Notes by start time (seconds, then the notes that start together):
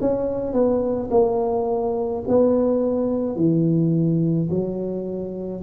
0.00 C#4
0.52 B3
1.10 A#3
2.27 B3
3.36 E3
4.50 F#3